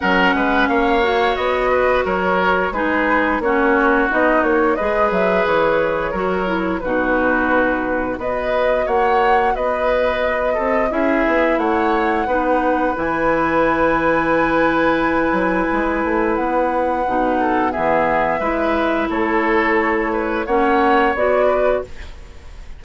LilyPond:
<<
  \new Staff \with { instrumentName = "flute" } { \time 4/4 \tempo 4 = 88 fis''4 f''4 dis''4 cis''4 | b'4 cis''4 dis''8 cis''8 dis''8 e''8 | cis''2 b'2 | dis''4 fis''4 dis''2 |
e''4 fis''2 gis''4~ | gis''1 | fis''2 e''2 | cis''2 fis''4 d''4 | }
  \new Staff \with { instrumentName = "oboe" } { \time 4/4 ais'8 b'8 cis''4. b'8 ais'4 | gis'4 fis'2 b'4~ | b'4 ais'4 fis'2 | b'4 cis''4 b'4. a'8 |
gis'4 cis''4 b'2~ | b'1~ | b'4. a'8 gis'4 b'4 | a'4. b'8 cis''4. b'8 | }
  \new Staff \with { instrumentName = "clarinet" } { \time 4/4 cis'4. fis'2~ fis'8 | dis'4 cis'4 dis'4 gis'4~ | gis'4 fis'8 e'8 dis'2 | fis'1 |
e'2 dis'4 e'4~ | e'1~ | e'4 dis'4 b4 e'4~ | e'2 cis'4 fis'4 | }
  \new Staff \with { instrumentName = "bassoon" } { \time 4/4 fis8 gis8 ais4 b4 fis4 | gis4 ais4 b8 ais8 gis8 fis8 | e4 fis4 b,2 | b4 ais4 b4. c'8 |
cis'8 b8 a4 b4 e4~ | e2~ e8 fis8 gis8 a8 | b4 b,4 e4 gis4 | a2 ais4 b4 | }
>>